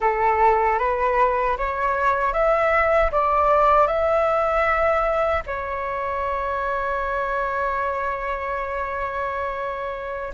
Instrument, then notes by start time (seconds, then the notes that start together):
flute
0.00 A4
0.79 B4
1.57 C#5
2.33 E5
3.11 D5
3.87 E5
5.46 C#5